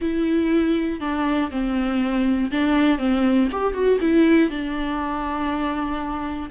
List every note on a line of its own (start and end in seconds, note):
0.01 1.00 E4
1.00 1.50 D4
1.50 2.50 C4
2.51 2.98 D4
2.98 3.48 C4
3.51 3.73 G4
3.73 3.98 F#4
4.00 4.50 E4
4.50 6.50 D4